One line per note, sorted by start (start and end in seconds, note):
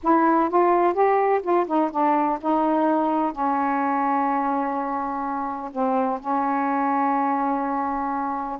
0.03 0.49 E4
0.49 0.93 F4
0.93 1.41 G4
1.42 1.66 F4
1.66 1.90 D#4
1.91 2.38 D4
2.41 3.32 D#4
3.32 5.70 C#4
5.72 6.19 C4
6.20 8.58 C#4